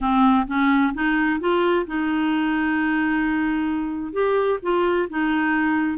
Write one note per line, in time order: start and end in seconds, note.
0.00 0.46 C4
0.47 0.93 C#4
0.94 1.40 D#4
1.40 1.86 F4
1.86 4.13 D#4
4.13 4.59 G4
4.62 5.08 F4
5.09 5.97 D#4